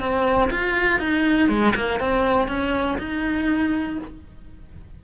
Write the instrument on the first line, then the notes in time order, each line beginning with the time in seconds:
cello
0.00 C4
0.51 F4
1.00 D#4
1.49 G#3
1.75 A#3
2.00 C4
2.48 C#4
2.98 D#4